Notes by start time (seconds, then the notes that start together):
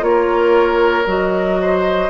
0.00 A#3 F4 C#5
0.07 A#4
1.06 F#3 F#4 D#5
1.61 C5